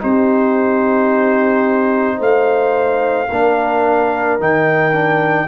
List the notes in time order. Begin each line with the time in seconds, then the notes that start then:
0.00 C4 D#4 G4 C5
2.18 A3 C5 F5
3.28 A#3 D4 A#4
4.40 D#3 D#4 G5
4.92 D4